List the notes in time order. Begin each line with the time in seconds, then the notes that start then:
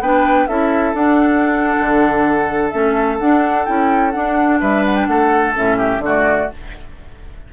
0.00 B3 D4 B4 G5
0.47 C#4 E4 A4 E5
0.93 D4 F#5
1.79 D3
2.69 A3 C#4 E5
3.19 D4 F#5
3.65 C#4 E4 G5
4.11 D4 F#5
4.60 G3 B4 E5
4.85 F#5
4.96 G5
5.06 A3 A4 F#5
5.54 A2 C#4 E5
5.77 G4
5.98 D3
6.04 A3 F#4 D5